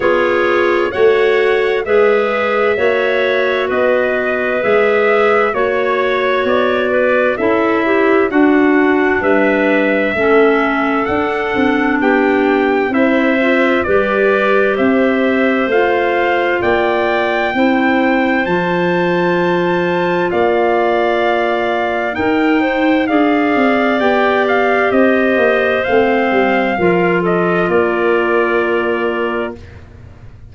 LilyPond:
<<
  \new Staff \with { instrumentName = "trumpet" } { \time 4/4 \tempo 4 = 65 cis''4 fis''4 e''2 | dis''4 e''4 cis''4 d''4 | e''4 fis''4 e''2 | fis''4 g''4 e''4 d''4 |
e''4 f''4 g''2 | a''2 f''2 | g''4 f''4 g''8 f''8 dis''4 | f''4. dis''8 d''2 | }
  \new Staff \with { instrumentName = "clarinet" } { \time 4/4 gis'4 cis''4 b'4 cis''4 | b'2 cis''4. b'8 | a'8 g'8 fis'4 b'4 a'4~ | a'4 g'4 c''4 b'4 |
c''2 d''4 c''4~ | c''2 d''2 | ais'8 c''8 d''2 c''4~ | c''4 ais'8 a'8 ais'2 | }
  \new Staff \with { instrumentName = "clarinet" } { \time 4/4 f'4 fis'4 gis'4 fis'4~ | fis'4 gis'4 fis'2 | e'4 d'2 cis'4 | d'2 e'8 f'8 g'4~ |
g'4 f'2 e'4 | f'1 | dis'4 gis'4 g'2 | c'4 f'2. | }
  \new Staff \with { instrumentName = "tuba" } { \time 4/4 b4 a4 gis4 ais4 | b4 gis4 ais4 b4 | cis'4 d'4 g4 a4 | d'8 c'8 b4 c'4 g4 |
c'4 a4 ais4 c'4 | f2 ais2 | dis'4 d'8 c'8 b4 c'8 ais8 | a8 g8 f4 ais2 | }
>>